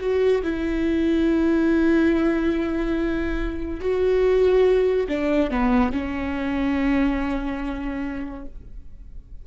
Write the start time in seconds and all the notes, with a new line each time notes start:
0.00 F#4
0.43 E4
3.81 F#4
5.09 D4
5.51 B3
5.92 C#4